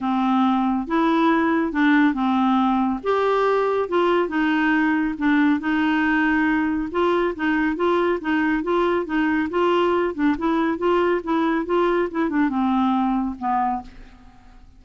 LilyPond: \new Staff \with { instrumentName = "clarinet" } { \time 4/4 \tempo 4 = 139 c'2 e'2 | d'4 c'2 g'4~ | g'4 f'4 dis'2 | d'4 dis'2. |
f'4 dis'4 f'4 dis'4 | f'4 dis'4 f'4. d'8 | e'4 f'4 e'4 f'4 | e'8 d'8 c'2 b4 | }